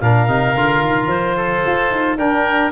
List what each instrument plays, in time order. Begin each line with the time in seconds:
0.00 tuba A#2, trombone D4, oboe A#4, clarinet F5
0.28 tuba C3, trombone D#4
0.54 tuba D3, trombone F4
0.81 tuba D#3
1.07 tuba F3, clarinet C5
1.36 oboe A4
1.66 tuba F4
1.91 tuba D#4
2.17 tuba D4, trombone D4, oboe A#4, clarinet G5